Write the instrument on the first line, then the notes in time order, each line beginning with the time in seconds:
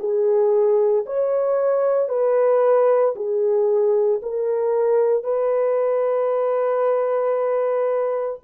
horn
0.00 G#4
1.06 C#5
2.09 B4
3.16 G#4
4.22 A#4
5.23 B4